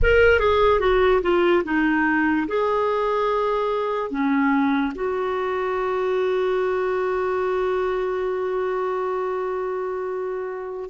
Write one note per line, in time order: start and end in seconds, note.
0.02 0.39 A#4
0.39 0.80 G#4
0.80 1.21 F#4
1.22 1.63 F4
1.64 2.46 D#4
2.47 4.10 G#4
4.10 4.92 C#4
4.95 10.89 F#4